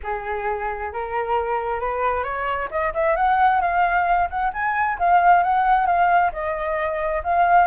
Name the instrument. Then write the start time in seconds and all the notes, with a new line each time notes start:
flute
0.03 G#4
0.92 A#4
1.80 B4
2.23 C#5
2.70 D#5
2.93 E5
3.16 F#5
3.61 F5
4.30 F#5
4.53 G#5
4.98 F5
5.43 F#5
5.86 F5
6.32 D#5
7.23 F5